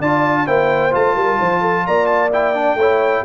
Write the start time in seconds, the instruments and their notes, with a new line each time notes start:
0.00 tuba D4, trombone F4, horn D5, trumpet A5
0.47 tuba A#3, trombone E4, horn C5, trumpet G5
0.92 tuba A3, trombone F4, trumpet A5
1.16 tuba G3, horn A#4
1.40 tuba F3, horn C5
1.62 horn A4
1.87 tuba A#3, horn D5, trumpet A#5
2.07 trumpet A5
2.33 trombone E4, trumpet G5
2.55 trombone D4
2.75 tuba A3, horn C#5
2.82 trombone E4